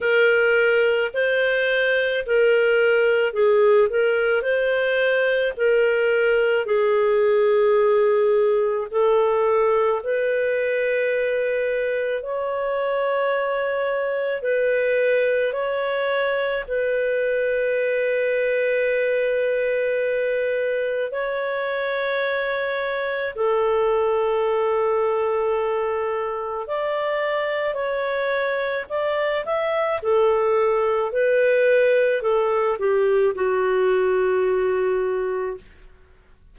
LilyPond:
\new Staff \with { instrumentName = "clarinet" } { \time 4/4 \tempo 4 = 54 ais'4 c''4 ais'4 gis'8 ais'8 | c''4 ais'4 gis'2 | a'4 b'2 cis''4~ | cis''4 b'4 cis''4 b'4~ |
b'2. cis''4~ | cis''4 a'2. | d''4 cis''4 d''8 e''8 a'4 | b'4 a'8 g'8 fis'2 | }